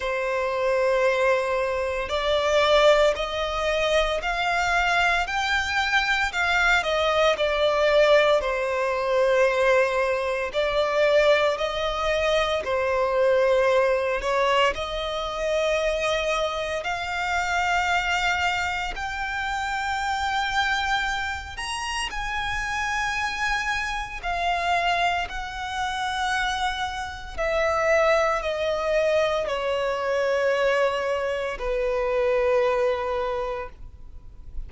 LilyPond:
\new Staff \with { instrumentName = "violin" } { \time 4/4 \tempo 4 = 57 c''2 d''4 dis''4 | f''4 g''4 f''8 dis''8 d''4 | c''2 d''4 dis''4 | c''4. cis''8 dis''2 |
f''2 g''2~ | g''8 ais''8 gis''2 f''4 | fis''2 e''4 dis''4 | cis''2 b'2 | }